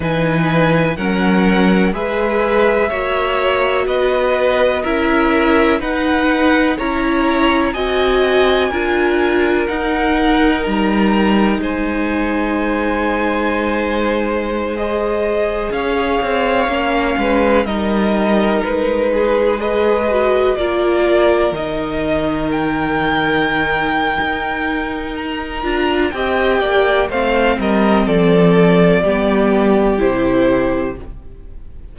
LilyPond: <<
  \new Staff \with { instrumentName = "violin" } { \time 4/4 \tempo 4 = 62 gis''4 fis''4 e''2 | dis''4 e''4 fis''4 ais''4 | gis''2 fis''4 ais''4 | gis''2.~ gis''16 dis''8.~ |
dis''16 f''2 dis''4 b'8.~ | b'16 dis''4 d''4 dis''4 g''8.~ | g''2 ais''4 g''4 | f''8 dis''8 d''2 c''4 | }
  \new Staff \with { instrumentName = "violin" } { \time 4/4 b'4 ais'4 b'4 cis''4 | b'4 ais'4 b'4 cis''4 | dis''4 ais'2. | c''1~ |
c''16 cis''4. b'8 ais'4. gis'16~ | gis'16 b'4 ais'2~ ais'8.~ | ais'2. dis''8 d''8 | c''8 ais'8 a'4 g'2 | }
  \new Staff \with { instrumentName = "viola" } { \time 4/4 dis'4 cis'4 gis'4 fis'4~ | fis'4 e'4 dis'4 e'4 | fis'4 f'4 dis'2~ | dis'2.~ dis'16 gis'8.~ |
gis'4~ gis'16 cis'4 dis'4.~ dis'16~ | dis'16 gis'8 fis'8 f'4 dis'4.~ dis'16~ | dis'2~ dis'8 f'8 g'4 | c'2 b4 e'4 | }
  \new Staff \with { instrumentName = "cello" } { \time 4/4 e4 fis4 gis4 ais4 | b4 cis'4 dis'4 cis'4 | c'4 d'4 dis'4 g4 | gis1~ |
gis16 cis'8 c'8 ais8 gis8 g4 gis8.~ | gis4~ gis16 ais4 dis4.~ dis16~ | dis4 dis'4. d'8 c'8 ais8 | a8 g8 f4 g4 c4 | }
>>